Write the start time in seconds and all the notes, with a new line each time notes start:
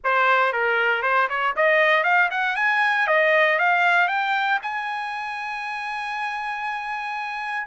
0.03 C5
0.52 A#4
1.02 C5
1.29 C#5
1.55 D#5
2.03 F5
2.30 F#5
2.55 G#5
3.07 D#5
3.59 F5
4.08 G5
4.62 G#5